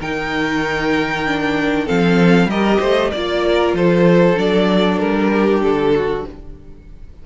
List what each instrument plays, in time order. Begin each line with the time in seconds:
0.00 cello D#3, viola D#4, violin A#4 G5
1.26 viola D4
1.86 cello F3, viola C4, violin A4 F5
2.47 cello G3, viola G4, violin A#4 D#5
2.80 cello A3, violin C5
3.12 cello A#3, viola F4, violin D5
3.46 violin A#4
3.74 cello F3, violin A4 C5
4.35 cello F#3, viola D4, violin D5
4.99 cello G3, violin A#4
5.32 violin G4
5.63 cello D3, violin A4
5.95 violin F#4